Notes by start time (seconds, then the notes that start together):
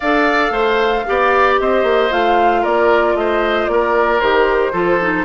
0.00 D4 A4 D5 F5
0.50 A3 C5
1.06 B3 G4 D5
1.59 C4 C5 D#5
1.83 A#3
2.10 A3 F4 F5
2.61 A#3 A#4 D5
3.14 A3 C5 D#5
3.67 A#3 A#4 D5
4.20 D#3 G4 C5
4.72 F3 F4 A4
5.00 D#4